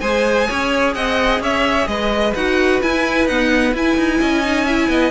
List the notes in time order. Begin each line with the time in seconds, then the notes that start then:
0.00 G#3 G#4 C5 G#5
0.48 C#4 C#5
0.94 C4 D#5 F#5
1.40 C#4 C#5 E5
1.87 G#3 B4 D#5
2.34 D#4 F#4 F#5
2.83 E4 G#5
3.26 B3 D#4 F#5
3.73 E4 G#5
3.97 D#4
4.20 C#4 D#5
4.44 D#4
4.65 E4 E5
4.89 B3 D#5